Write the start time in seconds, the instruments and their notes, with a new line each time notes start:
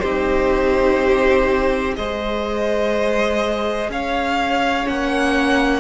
0.00 cello C4, viola D#4, violin G4 C5
1.94 cello G#3, viola G#4, violin C5 D#5
3.89 cello C#4, violin C#5 F5
4.84 cello A#3, viola C#4, violin F#5